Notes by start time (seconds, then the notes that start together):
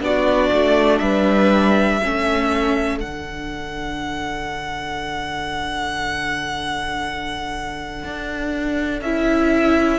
0.00 B3 D4 F#4 D5
0.52 A3
0.98 G3 B4 E5
2.01 A3 C#4 A4
3.00 D3 D4 F#5
8.03 D4
9.01 C#4 E4 E5